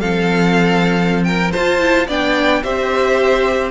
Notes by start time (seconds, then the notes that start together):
0.00 F3 C4 A4 F5
1.24 A#4 G5
1.52 F4 C5 A5
1.80 E4
2.07 B3 D4 D5 G5
2.63 C4 G4 C5 E5